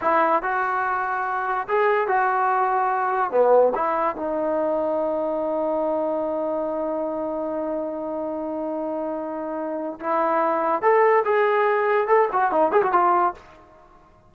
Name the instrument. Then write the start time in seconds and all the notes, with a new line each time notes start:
trombone
0.01 E4
0.42 F#4
1.67 G#4
2.07 F#4
3.31 B3
3.74 E4
4.16 D#4
10.00 E4
10.81 A4
11.24 G#4
12.07 A4
12.32 F#4
12.51 D#4
12.71 G#4
12.82 F#4
12.92 F4